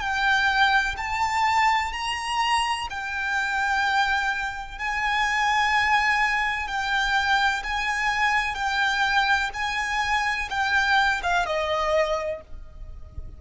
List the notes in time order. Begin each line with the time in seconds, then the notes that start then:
0.00 G5
0.97 A5
1.92 A#5
2.90 G5
4.78 G#5
6.68 G5
7.63 G#5
8.55 G5
9.54 G#5
10.50 G5
11.23 F5
11.46 D#5